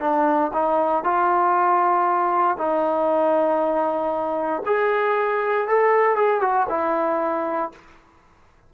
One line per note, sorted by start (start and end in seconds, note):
0.00 0.51 D4
0.53 1.04 D#4
1.04 2.58 F4
2.58 4.63 D#4
4.65 5.68 G#4
5.68 6.16 A4
6.16 6.41 G#4
6.41 6.67 F#4
6.69 7.72 E4